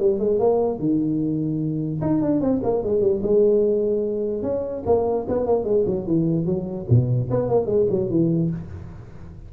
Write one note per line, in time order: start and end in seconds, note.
0.00 0.20 G3
0.20 0.40 G#3
0.40 0.80 A#3
0.80 2.01 D#3
2.02 2.22 D#4
2.22 2.41 D4
2.41 2.61 C4
2.64 2.84 A#3
2.84 3.02 G#3
3.02 3.22 G3
3.23 4.43 G#3
4.43 4.84 C#4
4.86 5.27 A#3
5.29 5.47 B3
5.47 5.65 A#3
5.65 5.85 G#3
5.87 6.07 F#3
6.07 6.46 E3
6.46 6.87 F#3
6.90 7.31 B2
7.31 7.49 B3
7.49 7.67 A#3
7.67 7.87 G#3
7.91 8.10 F#3
8.10 8.51 E3